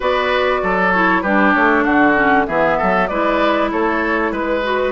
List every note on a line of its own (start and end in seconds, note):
0.00 0.62 B3
0.00 0.91 F#4
0.00 0.60 B4
0.00 0.92 D5
0.62 1.23 F#3
0.62 1.22 A4
0.92 1.24 E4
0.92 1.21 C#5
1.21 1.54 G3
1.21 2.15 D4
1.21 1.84 G4
1.21 1.52 B4
1.54 1.85 A3
1.54 1.84 C#5
1.84 2.47 D3
1.84 2.46 F#4
1.84 2.46 F#5
2.15 2.46 C#4
2.47 2.78 E3
2.47 3.09 B3
2.47 2.77 G#4
2.47 3.07 E5
2.77 3.10 F#3
2.77 3.08 A4
3.07 3.72 G#3
3.07 4.63 E4
3.07 3.71 B4
3.07 3.69 D5
3.71 4.31 A3
3.71 4.32 A4
3.71 4.33 C#5
4.31 4.91 G#3
4.31 4.91 B4
4.63 4.91 F#4